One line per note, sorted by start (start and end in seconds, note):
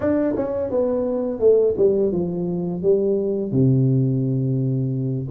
0.00 0.34 D4
0.36 0.70 C#4
0.70 1.39 B3
1.39 1.75 A3
1.77 2.12 G3
2.12 2.82 F3
2.82 3.51 G3
3.51 5.28 C3